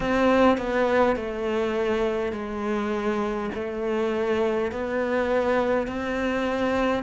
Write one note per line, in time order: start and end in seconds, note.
0.00 0.57 C4
0.57 1.16 B3
1.16 2.32 A3
2.32 3.50 G#3
3.54 4.71 A3
4.71 5.87 B3
5.87 7.03 C4